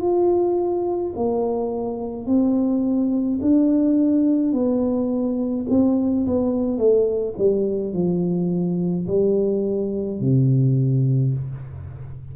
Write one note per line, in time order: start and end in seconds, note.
0.00 1.13 F4
1.15 2.25 A#3
2.25 3.39 C4
3.41 4.52 D4
4.52 5.66 B3
5.69 6.26 C4
6.26 6.77 B3
6.77 7.34 A3
7.37 7.93 G3
7.93 9.06 F3
9.07 10.20 G3
10.20 11.33 C3